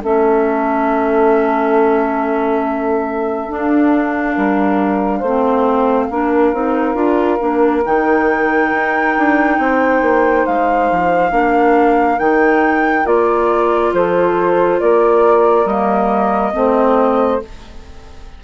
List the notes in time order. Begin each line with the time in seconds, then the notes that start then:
0.00 A3 C#4 A4 E5
3.49 D4 F5
4.34 G3 A#4
5.19 A3 C5
5.26 C4
6.10 A#3 D4 A#4
6.53 C4 D#4
6.95 D4 F4
7.39 A#3 D4
7.85 D#3 D#4 G5
8.72 D#4
9.18 D4
9.59 C4 C5
10.02 A#3
10.46 G#3 F5
10.91 F3
11.31 A#3 D4 A#4
12.19 D#3 D#4 G5
13.05 A#3 F4 D5
13.92 F3 A4 C5
14.79 A#3 A#4 D5
15.65 G3 A#3 D#5
16.53 A3 C4 C5